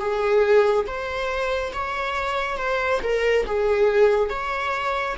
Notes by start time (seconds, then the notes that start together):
0.00 G#4
0.87 C5
1.74 C#5
2.58 C5
3.03 A#4
3.46 G#4
4.30 C#5